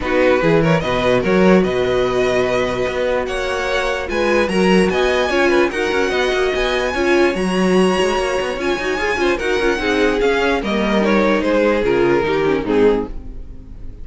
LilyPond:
<<
  \new Staff \with { instrumentName = "violin" } { \time 4/4 \tempo 4 = 147 b'4. cis''8 dis''4 cis''4 | dis''1 | fis''2 gis''4 ais''4 | gis''2 fis''2 |
gis''2 ais''2~ | ais''4 gis''2 fis''4~ | fis''4 f''4 dis''4 cis''4 | c''4 ais'2 gis'4 | }
  \new Staff \with { instrumentName = "violin" } { \time 4/4 fis'4 gis'8 ais'8 b'4 ais'4 | b'1 | cis''2 b'4 ais'4 | dis''4 cis''8 b'8 ais'4 dis''4~ |
dis''4 cis''2.~ | cis''2~ cis''8 c''8 ais'4 | gis'2 ais'2 | gis'2 g'4 dis'4 | }
  \new Staff \with { instrumentName = "viola" } { \time 4/4 dis'4 e'4 fis'2~ | fis'1~ | fis'2 f'4 fis'4~ | fis'4 f'4 fis'2~ |
fis'4 f'4 fis'2~ | fis'4 f'8 fis'8 gis'8 f'8 fis'8 f'8 | dis'4 cis'4 ais4 dis'4~ | dis'4 f'4 dis'8 cis'8 c'4 | }
  \new Staff \with { instrumentName = "cello" } { \time 4/4 b4 e4 b,4 fis4 | b,2. b4 | ais2 gis4 fis4 | b4 cis'4 dis'8 cis'8 b8 ais8 |
b4 cis'4 fis4. gis8 | ais8 b8 cis'8 dis'8 f'8 cis'8 dis'8 cis'8 | c'4 cis'4 g2 | gis4 cis4 dis4 gis,4 | }
>>